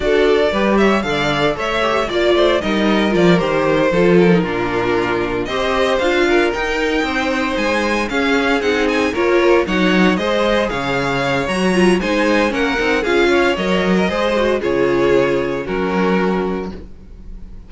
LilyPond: <<
  \new Staff \with { instrumentName = "violin" } { \time 4/4 \tempo 4 = 115 d''4. e''8 f''4 e''4 | d''4 dis''4 d''8 c''4. | ais'2~ ais'8 dis''4 f''8~ | f''8 g''2 gis''4 f''8~ |
f''8 fis''8 gis''8 cis''4 fis''4 dis''8~ | dis''8 f''4. ais''4 gis''4 | fis''4 f''4 dis''2 | cis''2 ais'2 | }
  \new Staff \with { instrumentName = "violin" } { \time 4/4 a'4 b'8 cis''8 d''4 cis''4 | d''8 c''8 ais'2~ ais'8 a'8~ | a'8 f'2 c''4. | ais'4. c''2 gis'8~ |
gis'4. ais'4 cis''4 c''8~ | c''8 cis''2~ cis''8 c''4 | ais'4 gis'8 cis''4~ cis''16 ais'16 c''4 | gis'2 fis'2 | }
  \new Staff \with { instrumentName = "viola" } { \time 4/4 fis'4 g'4 a'4. g'8 | f'4 dis'4 f'8 g'4 f'8~ | f'16 dis'16 d'2 g'4 f'8~ | f'8 dis'2. cis'8~ |
cis'8 dis'4 f'4 dis'4 gis'8~ | gis'2 fis'8 f'8 dis'4 | cis'8 dis'8 f'4 ais'4 gis'8 fis'8 | f'2 cis'2 | }
  \new Staff \with { instrumentName = "cello" } { \time 4/4 d'4 g4 d4 a4 | ais8 a8 g4 f8 dis4 f8~ | f8 ais,2 c'4 d'8~ | d'8 dis'4 c'4 gis4 cis'8~ |
cis'8 c'4 ais4 fis4 gis8~ | gis8 cis4. fis4 gis4 | ais8 c'8 cis'4 fis4 gis4 | cis2 fis2 | }
>>